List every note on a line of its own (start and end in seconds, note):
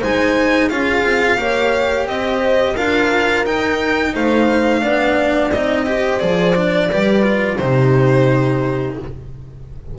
0.00 0.71 G#3
0.00 0.71 D#4
0.00 0.69 C5
0.00 0.69 G#5
0.69 1.03 C#4
0.69 1.38 F4
0.69 1.39 G#4
0.69 2.07 F5
1.03 1.37 C4
1.38 2.07 A#3
1.38 2.76 G4
1.38 2.08 C#5
2.07 2.76 C4
2.07 2.75 C5
2.07 2.77 D#5
2.75 3.45 D4
2.75 3.46 F4
2.75 4.13 A#4
2.75 3.46 F5
3.45 4.14 D#4
3.45 4.82 D#4
3.45 4.15 G5
4.14 4.84 A3
4.14 4.82 C5
4.14 5.52 F5
4.82 5.53 B3
4.82 5.51 D4
4.82 5.86 D5
5.52 6.22 C4
5.52 5.86 D#4
5.52 6.20 D#5
5.86 6.20 G4
5.86 6.91 C5
6.20 6.91 F3
6.20 6.55 G#4
6.20 7.57 D5
6.56 6.91 D4
6.91 7.59 G3
6.91 7.23 G4
6.91 7.59 B4
7.23 7.57 F4
7.57 8.97 C3
7.57 8.99 D#4
7.57 8.97 G4
7.57 8.95 C5